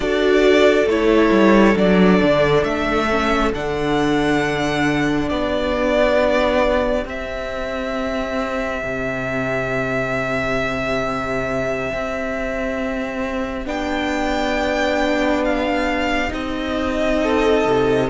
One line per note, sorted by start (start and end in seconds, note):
0.00 0.86 D4
0.00 0.88 F#4
0.00 5.28 A4
0.00 0.88 D5
0.86 1.30 A3
0.86 1.76 E4
0.86 1.77 C#5
1.31 1.75 G3
1.76 2.20 F#3
1.76 3.08 D4
1.76 2.63 D5
2.22 2.63 D3
2.63 3.51 A3
2.63 3.51 E5
3.09 3.53 C#4
3.54 5.30 D3
3.54 7.04 D4
3.54 5.28 F#5
5.28 7.05 B3
5.28 17.19 G4
5.28 7.05 D5
7.04 13.65 C4
7.04 8.81 C4
7.04 13.67 E5
8.83 11.92 C3
11.92 13.66 C4
13.65 16.31 B3
13.65 16.28 D4
13.65 15.44 G5
15.44 16.32 F5
16.28 17.65 C4
16.28 18.05 D#4
16.28 18.09 D#5
17.23 18.09 A4
17.65 18.09 C3